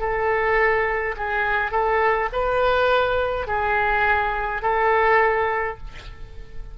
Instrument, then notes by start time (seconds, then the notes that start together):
oboe
0.00 A4
1.17 G#4
1.72 A4
2.33 B4
3.48 G#4
4.62 A4